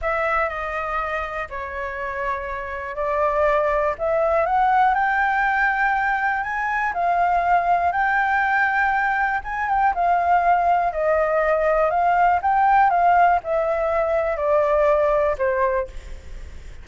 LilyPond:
\new Staff \with { instrumentName = "flute" } { \time 4/4 \tempo 4 = 121 e''4 dis''2 cis''4~ | cis''2 d''2 | e''4 fis''4 g''2~ | g''4 gis''4 f''2 |
g''2. gis''8 g''8 | f''2 dis''2 | f''4 g''4 f''4 e''4~ | e''4 d''2 c''4 | }